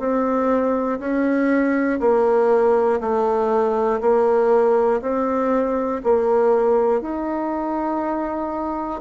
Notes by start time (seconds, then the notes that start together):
0.00 C4
1.00 C#4
2.01 A#3
3.01 A3
4.01 A#3
5.02 C4
6.04 A#3
7.02 D#4